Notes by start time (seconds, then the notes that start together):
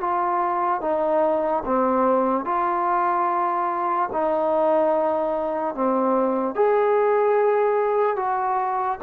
0.00 F4
0.81 D#4
1.65 C4
2.44 F4
4.12 D#4
5.74 C4
6.55 G#4
8.16 F#4